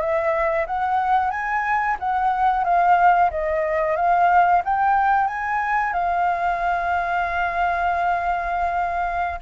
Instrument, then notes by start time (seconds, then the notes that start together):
flute
0.00 E5
0.67 F#5
1.31 G#5
1.99 F#5
2.64 F5
3.30 D#5
3.96 F5
4.65 G5
5.27 G#5
5.93 F5